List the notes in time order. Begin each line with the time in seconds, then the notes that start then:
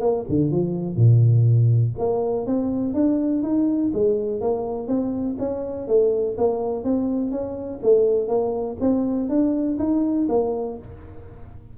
0.00 A#3
0.28 D3
0.51 F3
0.96 A#2
1.98 A#3
2.46 C4
2.93 D4
3.43 D#4
3.93 G#3
4.40 A#3
4.87 C4
5.38 C#4
5.87 A3
6.37 A#3
6.84 C4
7.31 C#4
7.82 A3
8.28 A#3
8.80 C4
9.29 D4
9.78 D#4
10.28 A#3